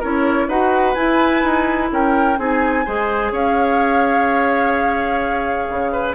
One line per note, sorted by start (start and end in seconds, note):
0.00 0.48 C#4
0.00 0.49 E4
0.00 0.47 A#4
0.00 0.50 C#5
0.48 0.95 D#4
0.48 0.95 F#4
0.48 1.90 B4
0.48 0.94 F#5
0.94 2.37 E4
0.94 1.44 E4
0.94 1.89 G#5
1.44 1.91 D#4
1.91 2.38 C#4
1.91 2.39 A#4
1.91 2.41 G5
2.38 2.86 C4
2.38 2.85 D#4
2.38 2.85 G#4
2.38 3.34 G#5
2.85 3.32 G#3
2.85 6.15 G#4
2.85 3.32 C5
3.32 5.68 C#4
3.32 5.92 C#5
3.32 6.15 F5
5.69 6.15 C#3
5.92 6.15 B4